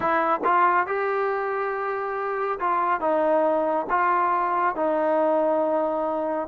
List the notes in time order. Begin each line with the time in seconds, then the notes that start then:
0.00 E4
0.44 F4
0.86 G4
2.59 F4
3.00 D#4
3.89 F4
4.75 D#4